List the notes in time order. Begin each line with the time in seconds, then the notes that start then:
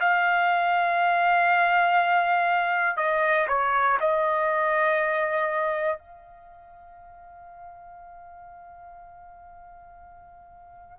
0.00 F5
2.97 D#5
3.47 C#5
4.00 D#5
5.99 F5